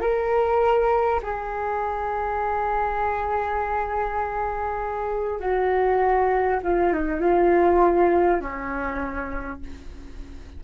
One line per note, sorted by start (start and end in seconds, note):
0.00 1.20 A#4
1.22 5.39 G#4
5.39 6.59 F#4
6.63 6.93 F4
6.93 7.20 D#4
7.20 8.40 F4
8.41 9.61 C#4